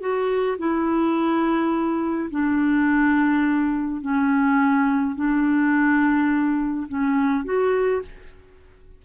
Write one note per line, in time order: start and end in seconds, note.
0.00 0.57 F#4
0.58 2.29 E4
2.30 4.01 D4
4.01 5.15 C#4
5.15 6.86 D4
6.88 7.44 C#4
7.44 8.02 F#4